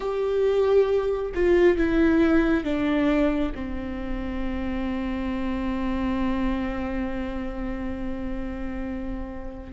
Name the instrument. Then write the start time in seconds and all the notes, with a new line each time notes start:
viola
0.00 G4
1.34 F4
1.77 E4
2.64 D4
3.55 C4